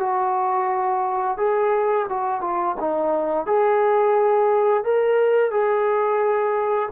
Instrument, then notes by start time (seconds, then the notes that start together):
trombone
0.00 F#4
1.38 G#4
2.09 F#4
2.41 F4
2.81 D#4
3.46 G#4
4.84 A#4
5.51 G#4